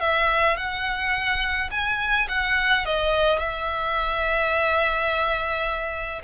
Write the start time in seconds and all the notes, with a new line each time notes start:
0.00 E5
0.56 F#5
1.71 G#5
2.28 F#5
2.85 D#5
3.38 E5